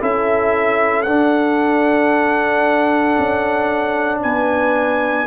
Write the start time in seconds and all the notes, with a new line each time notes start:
0.00 C#4 E4 A4 E5
1.02 D4 F#5
3.18 C#4
4.21 B3 B4 G#5